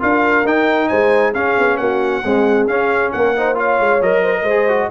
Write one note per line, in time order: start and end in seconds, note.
0.00 0.45 D4
0.00 0.44 F4
0.00 0.89 A#4
0.00 0.47 F5
0.45 0.90 D#4
0.45 1.34 D#4
0.45 0.89 G5
0.89 1.35 G#3
0.89 1.34 C5
0.89 1.33 G#5
1.34 2.23 C#4
1.34 1.58 C#4
1.34 1.80 G#4
1.34 1.78 F5
1.59 1.78 B3
1.78 2.23 A#3
1.78 2.24 F#4
1.78 2.67 F#5
2.25 2.70 G#3
2.25 2.68 C4
2.25 3.14 G#4
2.68 3.12 C#4
2.68 3.36 C#4
2.68 3.12 F5
3.13 3.80 A#3
3.13 3.37 A#4
3.13 3.57 F#5
3.37 3.55 D#4
3.37 3.58 C5
3.55 4.00 F4
3.55 4.24 C#5
3.55 4.02 F5
3.80 4.02 G#3
4.02 4.44 F#3
4.02 4.47 A#4
4.02 4.91 D#5
4.24 4.33 C5
4.33 4.44 A#4
4.44 4.88 G#3
4.44 4.89 C5
4.51 4.69 G#4
4.69 4.91 F#4